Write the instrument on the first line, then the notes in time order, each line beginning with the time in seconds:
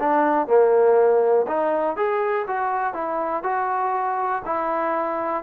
trombone
0.00 D4
0.47 A#3
1.47 D#4
1.97 G#4
2.47 F#4
2.94 E4
3.43 F#4
4.45 E4